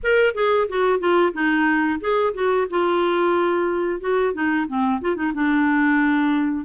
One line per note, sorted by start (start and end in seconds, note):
0.03 0.34 A#4
0.34 0.67 G#4
0.68 0.99 F#4
0.99 1.32 F4
1.33 2.00 D#4
2.00 2.33 G#4
2.34 2.67 F#4
2.70 4.00 F4
4.00 4.33 F#4
4.33 4.66 D#4
4.67 5.00 C4
5.01 5.15 F4
5.15 5.32 D#4
5.33 6.65 D4